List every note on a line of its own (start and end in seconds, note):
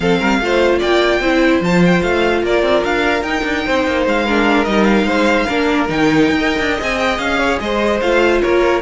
0.00 0.19 F3
0.00 0.40 C4
0.00 0.19 A4
0.00 0.79 F5
0.19 0.39 G3
0.19 0.39 A#4
0.39 0.80 A3
0.39 1.23 F4
0.39 0.78 C5
0.78 1.19 A#3
0.78 1.19 D5
0.78 1.62 G5
1.19 1.60 C4
1.19 1.62 E4
1.19 2.43 C5
1.61 2.01 F3
1.61 3.24 F4
1.61 1.83 A5
1.85 2.02 G5
2.02 2.42 A3
2.02 2.42 F5
2.42 2.62 A#3
2.42 3.65 A#4
2.42 2.84 D5
2.62 2.82 C4
2.84 3.22 D4
2.84 3.23 F5
3.22 3.42 D#4
3.22 4.27 D#4
3.22 4.04 G5
3.43 3.64 D4
3.65 3.86 C4
3.65 4.25 C5
3.86 4.06 A#3
4.06 4.66 G#3
4.06 4.64 F5
4.25 4.66 D4
4.25 5.06 A#4
4.64 5.03 G3
4.64 5.47 D#4
4.64 4.83 D#5
4.83 5.85 F5
5.03 5.44 G#3
5.03 5.46 C5
5.46 5.89 A#3
5.46 5.87 D4
5.46 6.37 A#4
5.87 6.29 D#3
5.87 6.38 D#4
5.87 6.80 G5
6.29 6.59 D#4
6.39 6.79 A#4
6.39 7.39 D#5
6.59 6.79 D4
6.79 7.18 C4
6.79 8.01 G#4
6.79 6.98 G#5
6.98 7.18 G5
7.18 7.58 C#4
7.18 7.58 F5
7.39 7.59 C#5
7.60 8.01 G#3
7.60 8.41 C5
7.60 8.00 D#5
8.00 8.42 A3
8.00 8.82 F4
8.00 8.41 F5
8.41 8.82 A#3
8.41 8.82 A#4
8.41 8.82 C#5